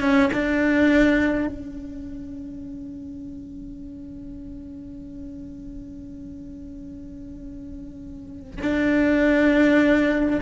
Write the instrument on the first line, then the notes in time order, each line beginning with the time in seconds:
cello
0.00 C#4
0.33 D4
1.47 C#4
8.62 D4